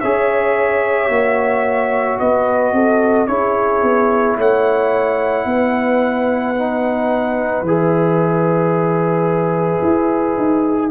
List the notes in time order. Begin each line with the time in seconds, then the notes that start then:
0.00 C#4 G#4 C#5 E5
1.08 A#3 F#4
2.19 B3 B4 D#5
2.72 C4 A4
3.27 C#4 E4 G#4 C#5
3.82 B3
4.37 A3 C#5 F#5
5.45 B3 B4
6.55 D#4
7.61 E3 G#4 E5
9.81 E4
10.37 D#4